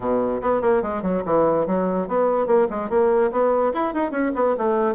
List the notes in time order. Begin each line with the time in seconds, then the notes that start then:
0.00 B2
0.41 B3
0.61 A#3
0.82 G#3
1.02 F#3
1.25 E3
1.66 F#3
2.07 B3
2.46 A#3
2.70 G#3
2.89 A#3
3.31 B3
3.73 E4
3.93 D#4
4.11 C#4
4.35 B3
4.57 A3